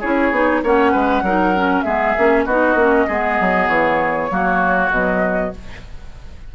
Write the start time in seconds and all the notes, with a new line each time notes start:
0.00 C#4 E4 G#4 C#5
0.31 B3 D#4
0.63 A#3 C#4 C#5 F#5
0.92 G#3 B4
1.22 F#3 D#4 A#4
1.55 C#4
1.82 G#3 B3 G#4 E5
2.18 A#3 C#4
2.45 B3 D#4 F#4 D#5
2.75 A#3 C#4
3.07 G#3 B3 G#4
3.40 F#3
3.68 E3 C#5
4.30 F#3 A#3 F#4
4.90 B2 F#3 D#5